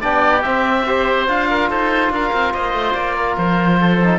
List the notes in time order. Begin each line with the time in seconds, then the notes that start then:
0.00 B3 D4 G4 D5
0.42 C4 E5
0.86 G4 C5
1.27 D4 F4 F5
1.50 A#4
1.69 D#4 A4 C5
2.10 D4 A#4 F5
2.32 C4
2.53 A#3 C5 D#5
2.73 A3
2.94 A#3 D5
3.16 A#4
3.37 F3 C5
3.80 A4
4.03 D#4